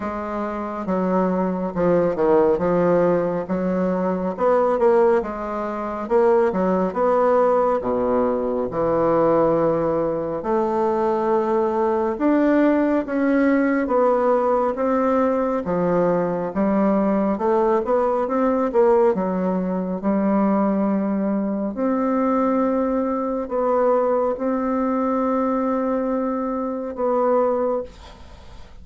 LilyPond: \new Staff \with { instrumentName = "bassoon" } { \time 4/4 \tempo 4 = 69 gis4 fis4 f8 dis8 f4 | fis4 b8 ais8 gis4 ais8 fis8 | b4 b,4 e2 | a2 d'4 cis'4 |
b4 c'4 f4 g4 | a8 b8 c'8 ais8 fis4 g4~ | g4 c'2 b4 | c'2. b4 | }